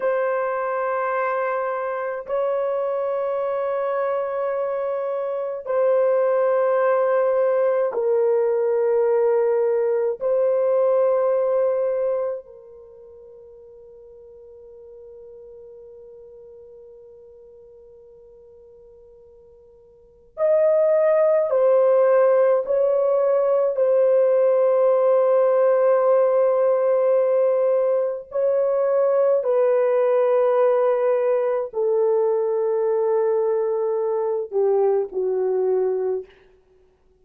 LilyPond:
\new Staff \with { instrumentName = "horn" } { \time 4/4 \tempo 4 = 53 c''2 cis''2~ | cis''4 c''2 ais'4~ | ais'4 c''2 ais'4~ | ais'1~ |
ais'2 dis''4 c''4 | cis''4 c''2.~ | c''4 cis''4 b'2 | a'2~ a'8 g'8 fis'4 | }